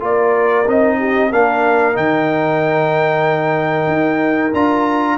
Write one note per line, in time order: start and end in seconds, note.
0.00 0.67 A#3
0.00 0.65 F4
0.00 0.98 A#4
0.00 0.69 D5
0.67 1.32 C4
0.67 1.31 D#4
0.67 1.32 D#5
0.98 1.29 G4
1.29 1.96 A#3
1.29 1.93 D4
1.29 5.16 A#4
1.29 1.96 F5
1.93 3.87 D#3
1.93 4.51 D#4
1.93 4.54 G5
3.87 4.52 D#4
4.53 5.18 D4
4.53 5.18 F4
4.53 5.18 A#5